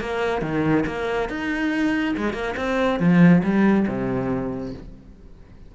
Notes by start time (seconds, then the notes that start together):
0.00 A#3
0.41 D#3
0.86 A#3
1.29 D#4
2.16 G#3
2.33 A#3
2.56 C4
2.99 F3
3.43 G3
3.87 C3